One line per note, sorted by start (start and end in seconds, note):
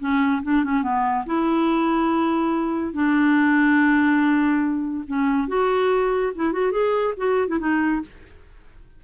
0.00 0.42 C#4
0.43 0.64 D4
0.64 0.83 C#4
0.83 1.25 B3
1.26 2.94 E4
2.94 5.05 D4
5.08 5.48 C#4
5.48 6.33 F#4
6.36 6.53 E4
6.53 6.72 F#4
6.72 7.14 G#4
7.18 7.48 F#4
7.48 7.59 E4
7.60 8.02 D#4